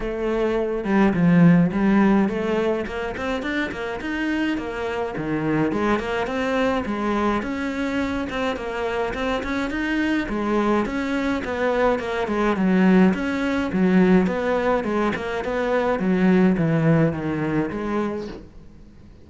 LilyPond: \new Staff \with { instrumentName = "cello" } { \time 4/4 \tempo 4 = 105 a4. g8 f4 g4 | a4 ais8 c'8 d'8 ais8 dis'4 | ais4 dis4 gis8 ais8 c'4 | gis4 cis'4. c'8 ais4 |
c'8 cis'8 dis'4 gis4 cis'4 | b4 ais8 gis8 fis4 cis'4 | fis4 b4 gis8 ais8 b4 | fis4 e4 dis4 gis4 | }